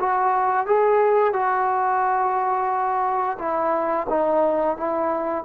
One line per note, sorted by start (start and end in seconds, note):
0.00 0.67 F#4
0.67 1.33 G#4
1.33 3.38 F#4
3.39 4.07 E4
4.09 4.77 D#4
4.77 5.45 E4